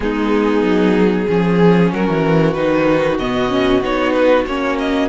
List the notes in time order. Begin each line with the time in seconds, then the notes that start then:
0.00 G#3 B3 D#4 G#4
0.62 F#3
1.27 F3 C#4 G#4
1.93 F#3 F#4 A#4
2.08 E3
2.53 D#3 D#4 B4
3.18 B2 B3 D#5
3.49 C#4
3.82 B3 D#4 C#5
4.12 B4
4.46 A#3 C#4 C#5
4.78 D#5